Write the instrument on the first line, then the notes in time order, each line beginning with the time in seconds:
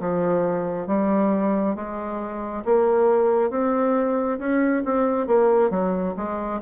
bassoon
0.00 F3
0.87 G3
1.76 G#3
2.66 A#3
3.51 C4
4.39 C#4
4.85 C4
5.27 A#3
5.70 F#3
6.16 G#3